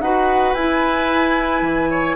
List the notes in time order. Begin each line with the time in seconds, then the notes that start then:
0.00 D#4 F#4 B4 F#5
0.54 E4 G#5
1.62 E3
1.91 C#5